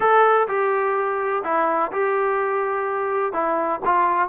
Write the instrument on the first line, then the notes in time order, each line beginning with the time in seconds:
trombone
0.00 A4
0.48 G4
1.44 E4
1.92 G4
3.32 E4
3.85 F4